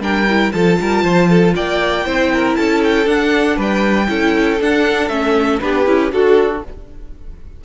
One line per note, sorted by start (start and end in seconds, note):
0.00 0.51 G3
0.00 0.27 D4
0.00 0.53 A#4
0.00 0.52 G5
0.29 0.54 E4
0.52 0.79 F3
0.52 2.05 F4
0.52 0.80 A4
0.52 1.54 A5
0.80 1.03 G3
0.80 1.03 A#4
1.03 1.54 F3
1.03 1.29 C5
1.29 1.55 A4
1.55 2.06 A#3
1.55 2.06 D5
1.55 2.55 G5
2.05 2.57 C4
2.05 3.05 E4
2.05 2.31 C5
2.33 2.58 A#4
2.55 3.07 C#4
2.55 3.56 A4
2.55 2.81 A5
2.84 3.08 G5
3.05 4.07 D4
3.05 3.57 D4
3.05 3.59 F#5
3.56 4.08 G3
3.56 4.07 B4
3.56 4.62 G5
4.07 4.60 C#4
4.07 4.58 E4
4.07 5.62 A4
4.61 5.10 D4
4.61 5.09 D4
4.61 5.09 F#5
5.09 5.60 A3
5.09 5.61 C#4
5.09 5.59 E5
5.61 5.87 B3
5.61 5.86 D4
5.61 6.14 G4
5.61 6.11 B4
5.86 6.12 C#4
5.86 6.11 E4
6.11 6.63 D4
6.11 6.62 F#4
6.11 6.64 F#4
6.11 6.64 A4